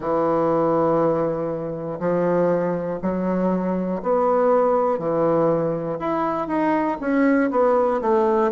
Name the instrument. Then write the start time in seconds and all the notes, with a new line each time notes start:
bassoon
0.00 E3
2.00 F3
3.01 F#3
4.02 B3
4.98 E3
5.99 E4
6.47 D#4
7.00 C#4
7.50 B3
8.01 A3